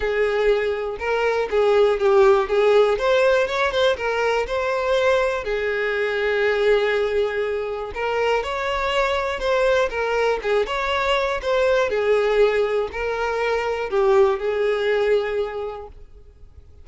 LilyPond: \new Staff \with { instrumentName = "violin" } { \time 4/4 \tempo 4 = 121 gis'2 ais'4 gis'4 | g'4 gis'4 c''4 cis''8 c''8 | ais'4 c''2 gis'4~ | gis'1 |
ais'4 cis''2 c''4 | ais'4 gis'8 cis''4. c''4 | gis'2 ais'2 | g'4 gis'2. | }